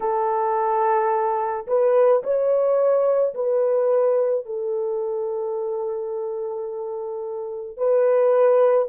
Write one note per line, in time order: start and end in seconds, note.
0.00 1.66 A4
1.67 2.22 B4
2.23 3.34 C#5
3.34 4.45 B4
4.45 7.77 A4
7.77 8.88 B4